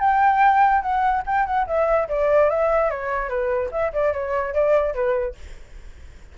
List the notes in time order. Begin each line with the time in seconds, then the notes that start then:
0.00 G5
0.82 F#5
1.27 G5
1.46 F#5
1.67 E5
2.09 D5
2.50 E5
2.91 C#5
3.29 B4
3.72 E5
3.93 D5
4.13 C#5
4.54 D5
4.94 B4